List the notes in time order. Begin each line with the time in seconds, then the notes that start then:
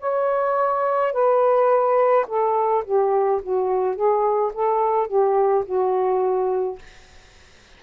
0.00 C#5
1.13 B4
2.27 A4
2.85 G4
3.43 F#4
3.96 G#4
4.54 A4
5.07 G4
5.66 F#4